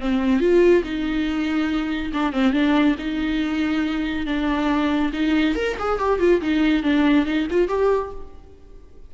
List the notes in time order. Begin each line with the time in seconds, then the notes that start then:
0.00 C4
0.40 F4
0.83 D#4
2.13 D4
2.32 C4
2.53 D4
2.98 D#4
4.26 D4
5.13 D#4
5.55 A#4
5.79 G#4
5.99 G4
6.19 F4
6.41 D#4
6.83 D4
7.25 D#4
7.50 F4
7.68 G4